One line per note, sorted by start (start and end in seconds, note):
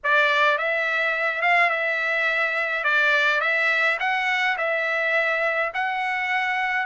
0.03 0.57 D5
0.57 1.41 E5
1.41 1.69 F5
1.69 2.84 E5
2.84 3.40 D5
3.40 3.97 E5
3.99 4.56 F#5
4.57 5.71 E5
5.74 6.86 F#5